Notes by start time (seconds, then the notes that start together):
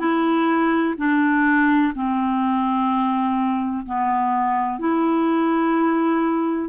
0.00 E4
0.98 D4
1.95 C4
3.86 B3
4.80 E4